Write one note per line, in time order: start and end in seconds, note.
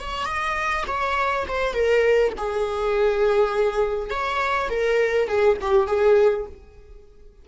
0.00 0.26 C#5
0.26 0.84 D#5
0.88 1.47 C#5
1.49 1.74 C5
1.74 2.33 A#4
2.38 4.10 G#4
4.10 4.69 C#5
4.70 5.28 A#4
5.28 5.57 G#4
5.61 5.87 G4
5.87 6.46 G#4